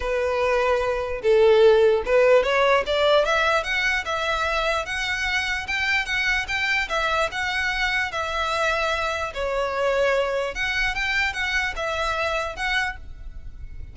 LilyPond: \new Staff \with { instrumentName = "violin" } { \time 4/4 \tempo 4 = 148 b'2. a'4~ | a'4 b'4 cis''4 d''4 | e''4 fis''4 e''2 | fis''2 g''4 fis''4 |
g''4 e''4 fis''2 | e''2. cis''4~ | cis''2 fis''4 g''4 | fis''4 e''2 fis''4 | }